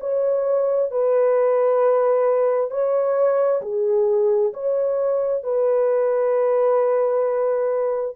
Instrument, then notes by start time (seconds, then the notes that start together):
horn
0.00 C#5
0.91 B4
2.70 C#5
3.62 G#4
4.53 C#5
5.43 B4